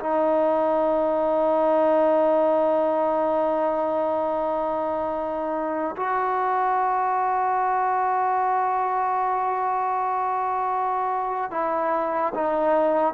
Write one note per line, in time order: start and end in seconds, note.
0.00 5.96 D#4
5.97 11.51 F#4
11.51 12.33 E4
12.35 13.14 D#4